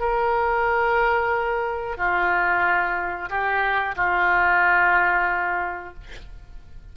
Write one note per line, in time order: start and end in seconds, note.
0.00 1.98 A#4
1.98 3.29 F4
3.30 3.96 G4
3.97 5.94 F4